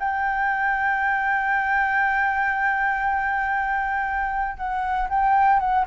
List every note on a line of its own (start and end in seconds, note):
0.00 4.58 G5
4.58 5.09 F#5
5.10 5.60 G5
5.60 5.86 F#5